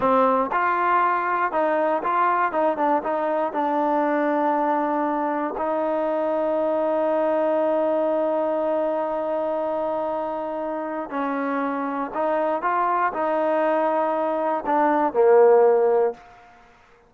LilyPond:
\new Staff \with { instrumentName = "trombone" } { \time 4/4 \tempo 4 = 119 c'4 f'2 dis'4 | f'4 dis'8 d'8 dis'4 d'4~ | d'2. dis'4~ | dis'1~ |
dis'1~ | dis'2 cis'2 | dis'4 f'4 dis'2~ | dis'4 d'4 ais2 | }